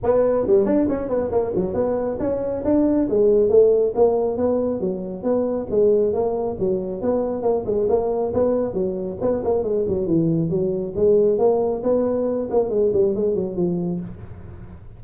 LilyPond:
\new Staff \with { instrumentName = "tuba" } { \time 4/4 \tempo 4 = 137 b4 g8 d'8 cis'8 b8 ais8 fis8 | b4 cis'4 d'4 gis4 | a4 ais4 b4 fis4 | b4 gis4 ais4 fis4 |
b4 ais8 gis8 ais4 b4 | fis4 b8 ais8 gis8 fis8 e4 | fis4 gis4 ais4 b4~ | b8 ais8 gis8 g8 gis8 fis8 f4 | }